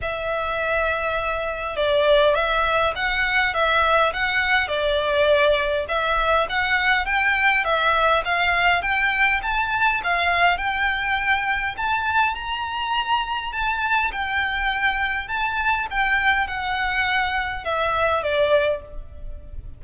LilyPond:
\new Staff \with { instrumentName = "violin" } { \time 4/4 \tempo 4 = 102 e''2. d''4 | e''4 fis''4 e''4 fis''4 | d''2 e''4 fis''4 | g''4 e''4 f''4 g''4 |
a''4 f''4 g''2 | a''4 ais''2 a''4 | g''2 a''4 g''4 | fis''2 e''4 d''4 | }